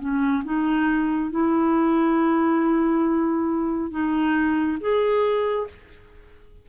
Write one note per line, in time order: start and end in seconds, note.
0.00 0.43 C#4
0.45 1.31 D#4
1.31 3.91 E4
3.91 4.78 D#4
4.80 5.67 G#4